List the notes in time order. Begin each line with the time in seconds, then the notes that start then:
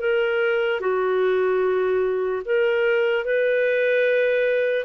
0.00 A#4
0.80 F#4
2.45 A#4
3.25 B4